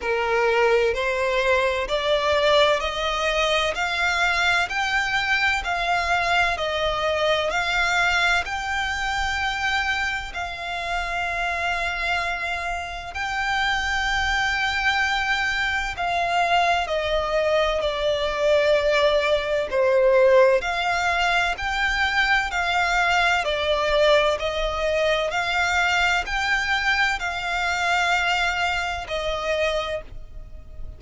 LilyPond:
\new Staff \with { instrumentName = "violin" } { \time 4/4 \tempo 4 = 64 ais'4 c''4 d''4 dis''4 | f''4 g''4 f''4 dis''4 | f''4 g''2 f''4~ | f''2 g''2~ |
g''4 f''4 dis''4 d''4~ | d''4 c''4 f''4 g''4 | f''4 d''4 dis''4 f''4 | g''4 f''2 dis''4 | }